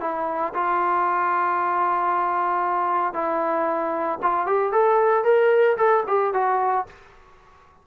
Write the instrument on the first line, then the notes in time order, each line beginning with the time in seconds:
trombone
0.00 E4
0.54 F4
3.13 E4
4.22 F4
4.46 G4
4.72 A4
5.24 A#4
5.77 A4
6.07 G4
6.33 F#4